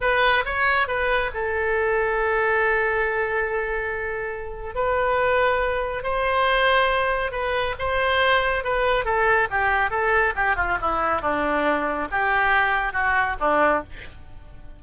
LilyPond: \new Staff \with { instrumentName = "oboe" } { \time 4/4 \tempo 4 = 139 b'4 cis''4 b'4 a'4~ | a'1~ | a'2. b'4~ | b'2 c''2~ |
c''4 b'4 c''2 | b'4 a'4 g'4 a'4 | g'8 f'8 e'4 d'2 | g'2 fis'4 d'4 | }